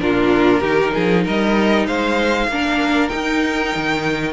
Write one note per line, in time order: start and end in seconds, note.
0.00 0.62 A#2
0.00 0.62 D4
0.00 0.61 F4
0.00 1.24 A#4
0.61 0.93 D#3
0.61 2.49 D#4
0.61 0.92 G4
0.94 1.27 F3
0.94 1.24 G#4
1.24 1.88 G3
1.24 1.86 A#4
1.24 1.87 D#5
1.87 2.48 G#3
1.87 2.49 C5
1.87 3.09 F5
2.48 3.10 A#3
2.48 3.11 D4
2.48 4.33 A#4
3.09 4.33 D#4
3.09 3.76 D#4
3.09 4.33 G5
3.76 4.33 D#3